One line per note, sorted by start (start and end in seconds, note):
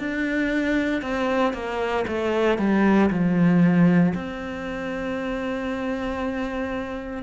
0.00 1.02 D4
1.02 1.54 C4
1.54 2.05 A#3
2.08 2.59 A3
2.59 3.10 G3
3.10 4.14 F3
4.15 7.23 C4